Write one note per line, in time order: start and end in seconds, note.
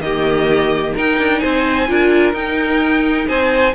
0.00 0.93 D#3
0.00 0.96 A#3
0.00 0.95 G4
0.00 0.94 D#5
0.95 1.87 D#4
0.95 1.19 D#4
0.95 1.41 A#4
0.95 1.39 G5
1.19 1.42 D4
1.39 1.89 C4
1.39 1.87 C5
1.39 2.32 G#5
1.87 2.33 D4
1.87 2.33 F4
1.87 3.28 A#4
2.33 3.26 D#4
2.33 3.73 D#4
2.33 3.27 G5
3.28 3.74 C4
3.28 3.74 C5
3.28 3.74 G#5